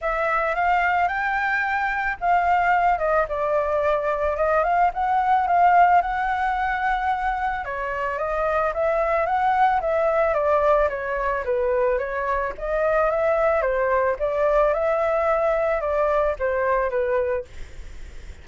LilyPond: \new Staff \with { instrumentName = "flute" } { \time 4/4 \tempo 4 = 110 e''4 f''4 g''2 | f''4. dis''8 d''2 | dis''8 f''8 fis''4 f''4 fis''4~ | fis''2 cis''4 dis''4 |
e''4 fis''4 e''4 d''4 | cis''4 b'4 cis''4 dis''4 | e''4 c''4 d''4 e''4~ | e''4 d''4 c''4 b'4 | }